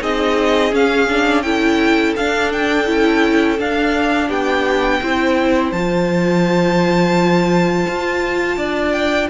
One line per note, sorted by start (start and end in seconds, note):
0.00 0.72 C4
0.00 0.71 D#4
0.00 1.44 G#4
0.00 0.74 D#5
0.71 1.07 C#4
0.71 2.15 C#4
0.71 1.42 F5
1.09 1.44 D4
1.42 2.16 E4
1.42 4.28 A4
1.42 2.14 G5
2.16 2.89 D4
2.16 2.86 D4
2.16 2.52 F5
2.52 3.60 G5
2.86 3.59 C#4
2.86 3.58 E4
3.58 5.01 D4
3.58 4.29 D4
3.58 4.30 F5
4.28 5.01 B3
4.28 4.99 G4
4.28 5.72 G5
5.03 5.72 C4
5.03 5.74 E4
5.03 8.58 C5
5.72 7.87 F3
5.72 9.30 F4
5.72 8.92 A5
7.87 8.57 F4
8.57 9.29 D4
8.57 9.29 D5
8.92 9.28 G5